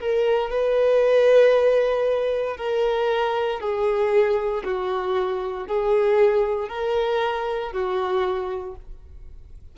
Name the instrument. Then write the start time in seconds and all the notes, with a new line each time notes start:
violin
0.00 A#4
0.50 B4
2.57 A#4
3.60 G#4
4.64 F#4
5.67 G#4
6.68 A#4
7.72 F#4